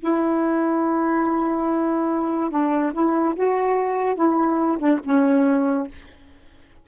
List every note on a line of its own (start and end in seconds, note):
0.00 2.50 E4
2.50 2.92 D4
2.92 3.34 E4
3.35 4.15 F#4
4.15 4.78 E4
4.78 4.99 D4
5.04 5.87 C#4